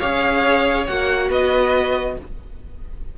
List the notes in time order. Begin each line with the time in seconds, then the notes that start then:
0.00 C#4 G#4 C#5 F5
0.87 A#3 F#4 F#5
1.29 B3 B4 D#5